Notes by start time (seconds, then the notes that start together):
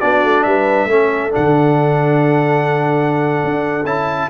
0.00 B3 D4 F#4 D5
0.23 A3
0.43 G3 B4 E5
0.85 A3 C#4 A4
1.30 D4 F#5
1.37 D3
3.44 D4
3.84 C#4 E4 A5